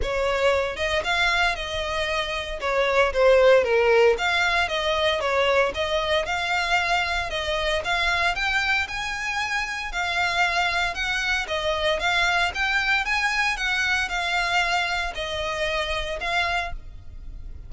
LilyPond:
\new Staff \with { instrumentName = "violin" } { \time 4/4 \tempo 4 = 115 cis''4. dis''8 f''4 dis''4~ | dis''4 cis''4 c''4 ais'4 | f''4 dis''4 cis''4 dis''4 | f''2 dis''4 f''4 |
g''4 gis''2 f''4~ | f''4 fis''4 dis''4 f''4 | g''4 gis''4 fis''4 f''4~ | f''4 dis''2 f''4 | }